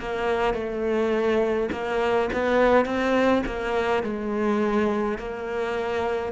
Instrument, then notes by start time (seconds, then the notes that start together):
cello
0.00 A#3
0.55 A3
1.73 A#3
2.33 B3
2.86 C4
3.47 A#3
4.03 G#3
5.19 A#3